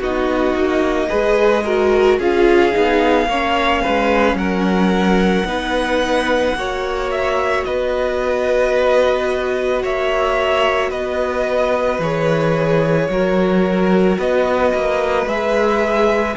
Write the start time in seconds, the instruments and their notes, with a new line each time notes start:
0.00 cello B3, viola D#4, violin F#4 D#5
0.55 cello A#3
1.09 cello G#3, viola G#4, violin B4
1.65 viola F#4, violin A#4
2.19 cello C#4, viola F4, violin G#4 F5
2.72 cello B3, viola D#4
3.27 cello A#3, viola C#4, violin C#5
3.82 cello G#3, violin B4
4.34 cello F#3, violin A#4 F#5
5.45 cello B3, viola D#4, violin B4
6.55 cello A#3, viola F#4, violin C#5
7.12 violin E5
7.64 cello B3, violin B4 D#5
9.83 cello A#3, violin C#5 E5
10.90 cello B3, violin B4 D#5
11.99 cello E3, viola G#4, violin C#5
13.09 cello F#3, viola F#4, violin A#4
14.18 cello B3, violin B4 D#5
14.75 cello A#3
15.26 cello G#3, viola G#4, violin E5